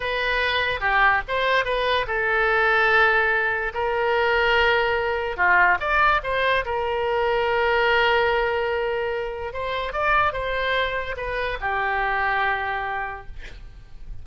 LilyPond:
\new Staff \with { instrumentName = "oboe" } { \time 4/4 \tempo 4 = 145 b'2 g'4 c''4 | b'4 a'2.~ | a'4 ais'2.~ | ais'4 f'4 d''4 c''4 |
ais'1~ | ais'2. c''4 | d''4 c''2 b'4 | g'1 | }